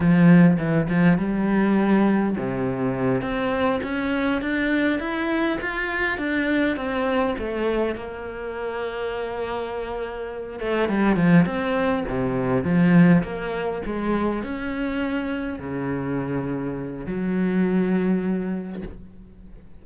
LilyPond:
\new Staff \with { instrumentName = "cello" } { \time 4/4 \tempo 4 = 102 f4 e8 f8 g2 | c4. c'4 cis'4 d'8~ | d'8 e'4 f'4 d'4 c'8~ | c'8 a4 ais2~ ais8~ |
ais2 a8 g8 f8 c'8~ | c'8 c4 f4 ais4 gis8~ | gis8 cis'2 cis4.~ | cis4 fis2. | }